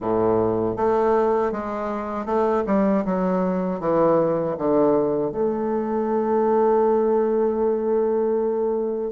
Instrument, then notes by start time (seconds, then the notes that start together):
bassoon
0.00 A2
0.76 A3
1.52 G#3
2.25 A3
2.66 G3
3.05 F#3
3.80 E3
4.57 D3
5.31 A3